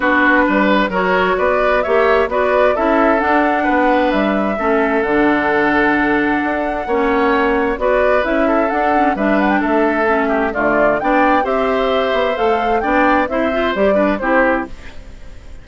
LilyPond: <<
  \new Staff \with { instrumentName = "flute" } { \time 4/4 \tempo 4 = 131 b'2 cis''4 d''4 | e''4 d''4 e''4 fis''4~ | fis''4 e''2 fis''4~ | fis''1~ |
fis''4 d''4 e''4 fis''4 | e''8 fis''16 g''16 e''2 d''4 | g''4 e''2 f''4 | g''4 e''4 d''4 c''4 | }
  \new Staff \with { instrumentName = "oboe" } { \time 4/4 fis'4 b'4 ais'4 b'4 | cis''4 b'4 a'2 | b'2 a'2~ | a'2. cis''4~ |
cis''4 b'4. a'4. | b'4 a'4. g'8 f'4 | d''4 c''2. | d''4 c''4. b'8 g'4 | }
  \new Staff \with { instrumentName = "clarinet" } { \time 4/4 d'2 fis'2 | g'4 fis'4 e'4 d'4~ | d'2 cis'4 d'4~ | d'2. cis'4~ |
cis'4 fis'4 e'4 d'8 cis'8 | d'2 cis'4 a4 | d'4 g'2 a'4 | d'4 e'8 f'8 g'8 d'8 e'4 | }
  \new Staff \with { instrumentName = "bassoon" } { \time 4/4 b4 g4 fis4 b4 | ais4 b4 cis'4 d'4 | b4 g4 a4 d4~ | d2 d'4 ais4~ |
ais4 b4 cis'4 d'4 | g4 a2 d4 | b4 c'4. b8 a4 | b4 c'4 g4 c'4 | }
>>